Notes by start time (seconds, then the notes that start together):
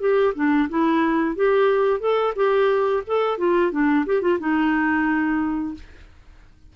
0.00 G4
0.35 D4
0.69 E4
1.35 G4
2.00 A4
2.36 G4
3.07 A4
3.38 F4
3.71 D4
4.06 G4
4.21 F4
4.39 D#4